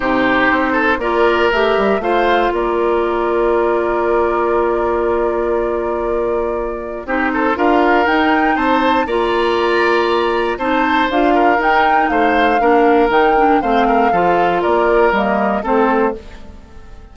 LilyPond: <<
  \new Staff \with { instrumentName = "flute" } { \time 4/4 \tempo 4 = 119 c''2 d''4 e''4 | f''4 d''2.~ | d''1~ | d''2 c''4 f''4 |
g''4 a''4 ais''2~ | ais''4 a''4 f''4 g''4 | f''2 g''4 f''4~ | f''4 d''4 dis''4 c''4 | }
  \new Staff \with { instrumentName = "oboe" } { \time 4/4 g'4. a'8 ais'2 | c''4 ais'2.~ | ais'1~ | ais'2 g'8 a'8 ais'4~ |
ais'4 c''4 d''2~ | d''4 c''4. ais'4. | c''4 ais'2 c''8 ais'8 | a'4 ais'2 a'4 | }
  \new Staff \with { instrumentName = "clarinet" } { \time 4/4 dis'2 f'4 g'4 | f'1~ | f'1~ | f'2 dis'4 f'4 |
dis'2 f'2~ | f'4 dis'4 f'4 dis'4~ | dis'4 d'4 dis'8 d'8 c'4 | f'2 ais4 c'4 | }
  \new Staff \with { instrumentName = "bassoon" } { \time 4/4 c4 c'4 ais4 a8 g8 | a4 ais2.~ | ais1~ | ais2 c'4 d'4 |
dis'4 c'4 ais2~ | ais4 c'4 d'4 dis'4 | a4 ais4 dis4 a4 | f4 ais4 g4 a4 | }
>>